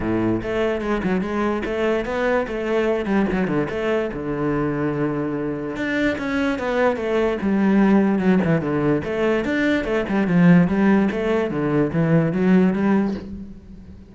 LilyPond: \new Staff \with { instrumentName = "cello" } { \time 4/4 \tempo 4 = 146 a,4 a4 gis8 fis8 gis4 | a4 b4 a4. g8 | fis8 d8 a4 d2~ | d2 d'4 cis'4 |
b4 a4 g2 | fis8 e8 d4 a4 d'4 | a8 g8 f4 g4 a4 | d4 e4 fis4 g4 | }